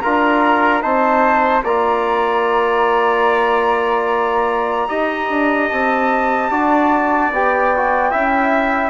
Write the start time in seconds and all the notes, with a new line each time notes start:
0.00 D4 F4 A#4 A#5
0.81 C4 D#4 C5 A5
1.64 A#3 F4 D5 A#5
4.88 D#4 G4 D#5
5.29 D4
5.69 C4 A5
6.50 D4 F#4 D5
7.31 B3 G4 G5
7.76 F#4
8.11 C#4 E4 E5